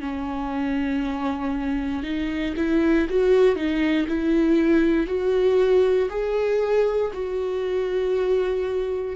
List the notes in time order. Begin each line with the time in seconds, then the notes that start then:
0.00 C#4
2.03 D#4
2.56 E4
3.09 F#4
3.55 D#4
4.08 E4
5.07 F#4
6.09 G#4
7.13 F#4